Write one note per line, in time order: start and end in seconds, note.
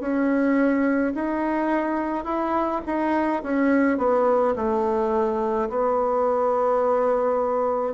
0.00 1.13 C#4
1.15 2.25 D#4
2.25 2.81 E4
2.86 3.43 D#4
3.43 3.98 C#4
3.98 4.54 B3
4.56 5.69 A3
5.70 7.93 B3